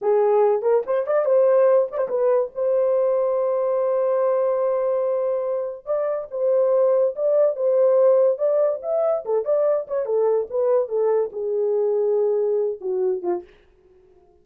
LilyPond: \new Staff \with { instrumentName = "horn" } { \time 4/4 \tempo 4 = 143 gis'4. ais'8 c''8 d''8 c''4~ | c''8 d''16 c''16 b'4 c''2~ | c''1~ | c''2 d''4 c''4~ |
c''4 d''4 c''2 | d''4 e''4 a'8 d''4 cis''8 | a'4 b'4 a'4 gis'4~ | gis'2~ gis'8 fis'4 f'8 | }